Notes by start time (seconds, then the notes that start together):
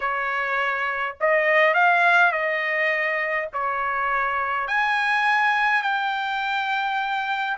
0.00 C#5
1.20 D#5
1.73 F5
2.32 D#5
3.53 C#5
4.67 G#5
5.82 G5